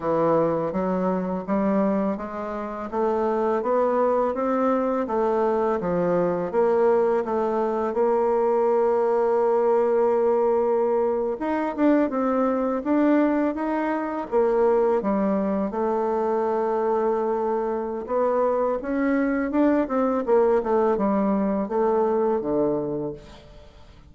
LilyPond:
\new Staff \with { instrumentName = "bassoon" } { \time 4/4 \tempo 4 = 83 e4 fis4 g4 gis4 | a4 b4 c'4 a4 | f4 ais4 a4 ais4~ | ais2.~ ais8. dis'16~ |
dis'16 d'8 c'4 d'4 dis'4 ais16~ | ais8. g4 a2~ a16~ | a4 b4 cis'4 d'8 c'8 | ais8 a8 g4 a4 d4 | }